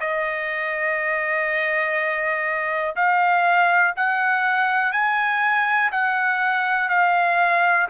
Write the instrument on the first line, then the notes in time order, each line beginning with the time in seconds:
trumpet
0.00 D#5
2.96 F5
3.96 F#5
4.92 G#5
5.92 F#5
6.89 F5